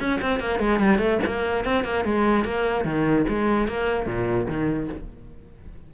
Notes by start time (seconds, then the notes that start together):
0.00 C#4
0.22 C4
0.40 A#3
0.60 G#3
0.80 G3
0.99 A3
1.26 A#3
1.65 C4
1.85 A#3
2.05 G#3
2.45 A#3
2.85 D#3
3.29 G#3
3.68 A#3
4.06 A#2
4.48 D#3